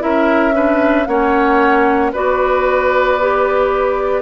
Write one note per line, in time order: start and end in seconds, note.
0.00 1.07 C#4
0.00 0.53 E4
0.00 0.55 A#4
0.00 1.06 E5
0.54 1.06 D4
0.54 1.08 B4
1.06 2.13 A#3
1.06 2.14 C#4
1.06 2.12 C#5
1.06 2.11 F#5
2.12 4.22 B3
2.12 3.20 F#4
2.12 4.22 B4
2.12 4.22 D5
3.20 4.22 G4